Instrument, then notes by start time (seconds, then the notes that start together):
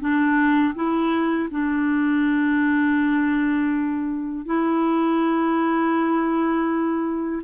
clarinet
0.00 D4
0.75 E4
1.51 D4
4.45 E4